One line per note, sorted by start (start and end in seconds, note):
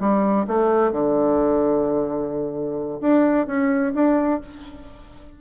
0.00 0.46 G3
0.47 0.92 A3
0.92 3.00 D3
3.01 3.47 D4
3.47 3.93 C#4
3.94 4.40 D4